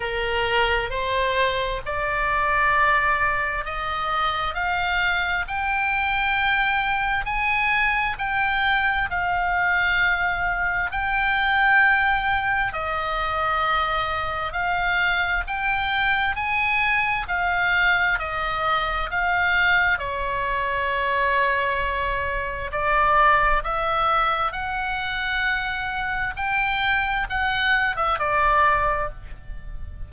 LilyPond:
\new Staff \with { instrumentName = "oboe" } { \time 4/4 \tempo 4 = 66 ais'4 c''4 d''2 | dis''4 f''4 g''2 | gis''4 g''4 f''2 | g''2 dis''2 |
f''4 g''4 gis''4 f''4 | dis''4 f''4 cis''2~ | cis''4 d''4 e''4 fis''4~ | fis''4 g''4 fis''8. e''16 d''4 | }